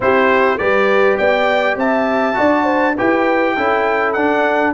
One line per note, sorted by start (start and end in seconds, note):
0.00 0.59 C4
0.00 0.58 E4
0.00 0.58 G4
0.00 0.57 C5
0.57 1.19 G3
0.57 2.34 G4
0.57 1.18 B4
0.57 1.17 D5
1.17 1.75 B3
1.17 1.77 D5
1.17 1.77 G5
1.75 2.35 C4
1.75 2.38 E5
1.75 2.97 A5
2.34 2.98 D4
2.34 2.93 F#4
2.34 2.63 D5
2.63 2.93 C5
2.96 3.57 E4
2.96 3.57 G4
2.96 3.55 B4
2.96 4.12 G5
3.55 4.15 C#4
3.55 4.16 E4
3.55 4.73 A4
4.12 4.73 D4
4.12 4.72 F#5